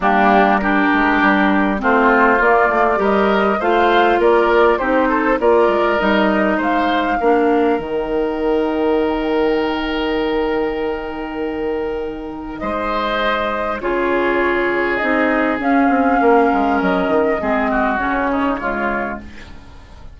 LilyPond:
<<
  \new Staff \with { instrumentName = "flute" } { \time 4/4 \tempo 4 = 100 g'4 ais'2 c''4 | d''4 dis''4 f''4 d''4 | c''4 d''4 dis''4 f''4~ | f''4 g''2.~ |
g''1~ | g''4 dis''2 cis''4~ | cis''4 dis''4 f''2 | dis''2 cis''2 | }
  \new Staff \with { instrumentName = "oboe" } { \time 4/4 d'4 g'2 f'4~ | f'4 ais'4 c''4 ais'4 | g'8 a'8 ais'2 c''4 | ais'1~ |
ais'1~ | ais'4 c''2 gis'4~ | gis'2. ais'4~ | ais'4 gis'8 fis'4 dis'8 f'4 | }
  \new Staff \with { instrumentName = "clarinet" } { \time 4/4 ais4 d'2 c'4 | ais4 g'4 f'2 | dis'4 f'4 dis'2 | d'4 dis'2.~ |
dis'1~ | dis'2. f'4~ | f'4 dis'4 cis'2~ | cis'4 c'4 cis'4 gis4 | }
  \new Staff \with { instrumentName = "bassoon" } { \time 4/4 g4. gis8 g4 a4 | ais8 a8 g4 a4 ais4 | c'4 ais8 gis8 g4 gis4 | ais4 dis2.~ |
dis1~ | dis4 gis2 cis4~ | cis4 c'4 cis'8 c'8 ais8 gis8 | fis8 dis8 gis4 cis2 | }
>>